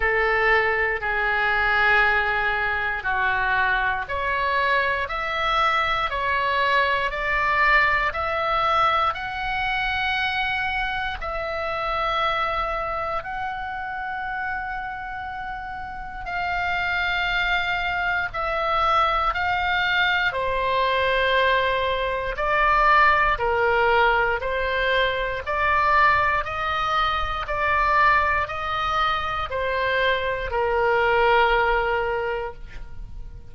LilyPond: \new Staff \with { instrumentName = "oboe" } { \time 4/4 \tempo 4 = 59 a'4 gis'2 fis'4 | cis''4 e''4 cis''4 d''4 | e''4 fis''2 e''4~ | e''4 fis''2. |
f''2 e''4 f''4 | c''2 d''4 ais'4 | c''4 d''4 dis''4 d''4 | dis''4 c''4 ais'2 | }